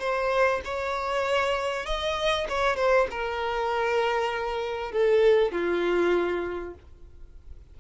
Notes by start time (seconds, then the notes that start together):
0.00 C5
0.65 C#5
1.86 D#5
2.49 C#5
2.76 C5
3.11 A#4
4.92 A4
5.52 F4